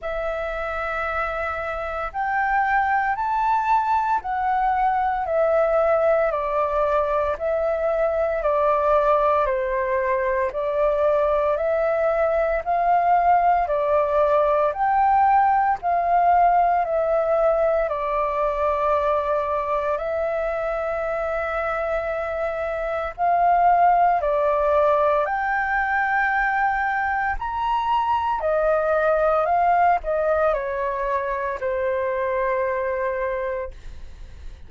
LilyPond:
\new Staff \with { instrumentName = "flute" } { \time 4/4 \tempo 4 = 57 e''2 g''4 a''4 | fis''4 e''4 d''4 e''4 | d''4 c''4 d''4 e''4 | f''4 d''4 g''4 f''4 |
e''4 d''2 e''4~ | e''2 f''4 d''4 | g''2 ais''4 dis''4 | f''8 dis''8 cis''4 c''2 | }